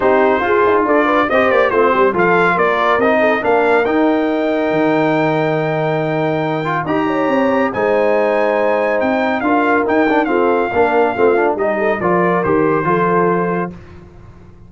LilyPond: <<
  \new Staff \with { instrumentName = "trumpet" } { \time 4/4 \tempo 4 = 140 c''2 d''4 dis''8 d''8 | c''4 f''4 d''4 dis''4 | f''4 g''2.~ | g''1 |
ais''2 gis''2~ | gis''4 g''4 f''4 g''4 | f''2. dis''4 | d''4 c''2. | }
  \new Staff \with { instrumentName = "horn" } { \time 4/4 g'4 gis'4 a'8 b'8 c''4 | f'8 g'8 a'4 ais'4. a'8 | ais'1~ | ais'1 |
dis''8 cis''4. c''2~ | c''2 ais'2 | a'4 ais'4 f'4 g'8 a'8 | ais'2 a'2 | }
  \new Staff \with { instrumentName = "trombone" } { \time 4/4 dis'4 f'2 g'4 | c'4 f'2 dis'4 | d'4 dis'2.~ | dis'2.~ dis'8 f'8 |
g'2 dis'2~ | dis'2 f'4 dis'8 d'8 | c'4 d'4 c'8 d'8 dis'4 | f'4 g'4 f'2 | }
  \new Staff \with { instrumentName = "tuba" } { \time 4/4 c'4 f'8 dis'8 d'4 c'8 ais8 | a8 g8 f4 ais4 c'4 | ais4 dis'2 dis4~ | dis1 |
dis'4 c'4 gis2~ | gis4 c'4 d'4 dis'4 | f'4 ais4 a4 g4 | f4 dis4 f2 | }
>>